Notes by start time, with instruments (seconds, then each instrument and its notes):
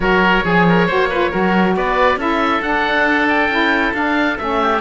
0.00 cello F#3, saxophone F#4, oboe A#4 C#5
0.44 cello F3, oboe G#4, saxophone G#4
0.68 oboe A#4
0.86 cello A#3, saxophone F#4, oboe C5
1.09 saxophone F4, oboe B4
1.31 cello F#3, saxophone F#4, oboe A#4
1.76 cello B3, oboe B4 D5
2.16 cello C#4, saxophone E4, oboe A4 E5
2.62 cello D4, saxophone D4, oboe F#5
3.28 oboe G5
3.48 cello C#4, saxophone E4
3.93 cello D4, saxophone D4, oboe F5
4.38 cello A3, saxophone C#4, oboe E5
4.61 oboe G4